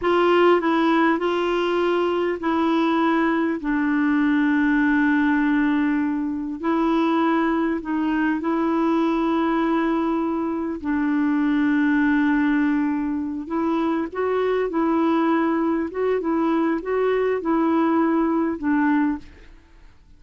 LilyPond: \new Staff \with { instrumentName = "clarinet" } { \time 4/4 \tempo 4 = 100 f'4 e'4 f'2 | e'2 d'2~ | d'2. e'4~ | e'4 dis'4 e'2~ |
e'2 d'2~ | d'2~ d'8 e'4 fis'8~ | fis'8 e'2 fis'8 e'4 | fis'4 e'2 d'4 | }